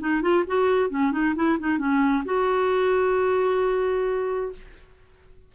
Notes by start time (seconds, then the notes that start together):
0.00 D#4
0.22 F4
0.47 F#4
0.90 C#4
1.12 D#4
1.36 E4
1.60 D#4
1.78 C#4
2.25 F#4